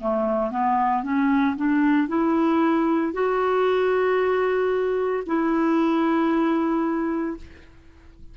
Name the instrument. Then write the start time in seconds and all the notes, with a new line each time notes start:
clarinet
0.00 A3
0.50 B3
1.03 C#4
1.56 D4
2.08 E4
3.13 F#4
5.26 E4